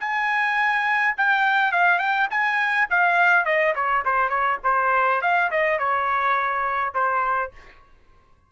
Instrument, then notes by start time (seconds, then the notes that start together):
trumpet
0.00 G#5
1.17 G5
1.72 F5
1.99 G5
2.31 G#5
2.90 F5
3.45 D#5
3.76 C#5
4.05 C5
4.30 C#5
4.64 C5
5.22 F5
5.51 D#5
5.79 C#5
6.94 C5